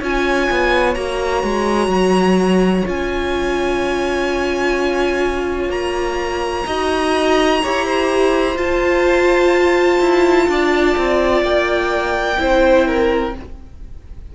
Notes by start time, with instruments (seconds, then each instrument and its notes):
0.00 cello C#4, viola F4, violin C#5 G#5
0.51 cello B3
0.95 cello A#3, viola F#4, violin A#5
1.44 cello G#3
1.88 cello F#3
2.85 cello C#4, viola F4, violin G#5
5.70 cello A#3, violin A#5
6.67 cello D#4, viola F#4, violin D#5
7.63 cello E4, viola G4, violin C#5
7.86 violin C5
8.56 viola F4, cello F4, violin A5
10.01 cello E4
10.49 cello D4, violin D5
10.98 cello C4
11.43 cello A#3, violin G5
12.37 cello C4, viola E4, violin C5
12.88 violin A#4